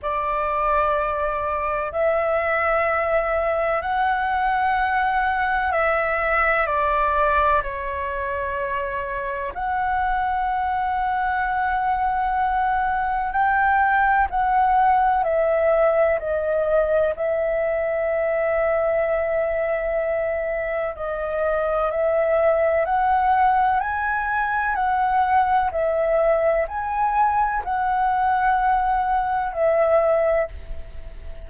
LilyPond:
\new Staff \with { instrumentName = "flute" } { \time 4/4 \tempo 4 = 63 d''2 e''2 | fis''2 e''4 d''4 | cis''2 fis''2~ | fis''2 g''4 fis''4 |
e''4 dis''4 e''2~ | e''2 dis''4 e''4 | fis''4 gis''4 fis''4 e''4 | gis''4 fis''2 e''4 | }